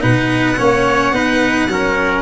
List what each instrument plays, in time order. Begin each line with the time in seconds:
0.00 tuba B2, cello D#4, trumpet B4, violin F#5
0.57 tuba A#3, cello C#4, trumpet C#5
1.12 tuba B3, cello D#4, trumpet B4
1.68 tuba F#3, cello C#4, trumpet A#4